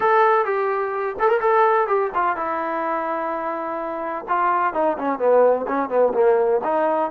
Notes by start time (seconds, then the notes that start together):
0.00 A4
0.45 G4
1.19 A4
1.28 A#4
1.40 A4
1.87 G4
2.14 F4
2.36 E4
4.28 F4
4.73 D#4
4.98 C#4
5.18 B3
5.67 C#4
5.89 B3
6.13 A#3
6.64 D#4